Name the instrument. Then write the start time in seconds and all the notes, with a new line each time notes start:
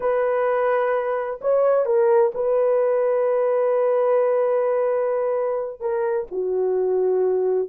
horn
0.00 B4
1.41 C#5
1.85 A#4
2.34 B4
5.80 A#4
6.31 F#4